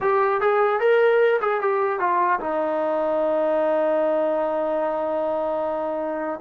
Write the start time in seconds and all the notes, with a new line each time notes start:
0.00 G4
0.40 G#4
0.79 A#4
1.41 G#4
1.61 G4
1.99 F4
2.40 D#4